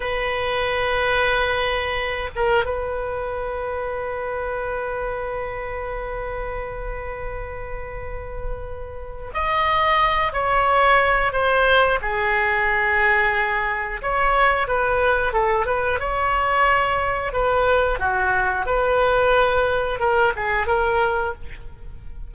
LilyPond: \new Staff \with { instrumentName = "oboe" } { \time 4/4 \tempo 4 = 90 b'2.~ b'8 ais'8 | b'1~ | b'1~ | b'2 dis''4. cis''8~ |
cis''4 c''4 gis'2~ | gis'4 cis''4 b'4 a'8 b'8 | cis''2 b'4 fis'4 | b'2 ais'8 gis'8 ais'4 | }